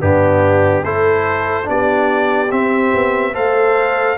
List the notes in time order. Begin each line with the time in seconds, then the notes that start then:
0.00 G2 B3 D4 G4
0.84 A3 E4 A4 C5
1.64 B3 D4 G4 D5
2.51 C4 E5
2.94 B3
3.33 A3 A4 C5 F5